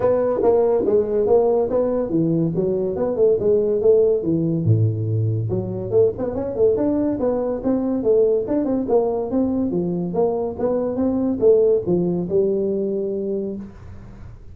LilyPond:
\new Staff \with { instrumentName = "tuba" } { \time 4/4 \tempo 4 = 142 b4 ais4 gis4 ais4 | b4 e4 fis4 b8 a8 | gis4 a4 e4 a,4~ | a,4 fis4 a8 b8 cis'8 a8 |
d'4 b4 c'4 a4 | d'8 c'8 ais4 c'4 f4 | ais4 b4 c'4 a4 | f4 g2. | }